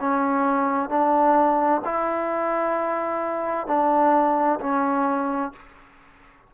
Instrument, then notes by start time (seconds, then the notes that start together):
trombone
0.00 C#4
0.89 D4
1.85 E4
3.67 D4
4.61 C#4